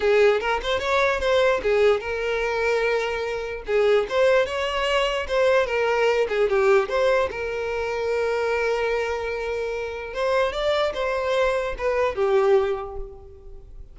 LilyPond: \new Staff \with { instrumentName = "violin" } { \time 4/4 \tempo 4 = 148 gis'4 ais'8 c''8 cis''4 c''4 | gis'4 ais'2.~ | ais'4 gis'4 c''4 cis''4~ | cis''4 c''4 ais'4. gis'8 |
g'4 c''4 ais'2~ | ais'1~ | ais'4 c''4 d''4 c''4~ | c''4 b'4 g'2 | }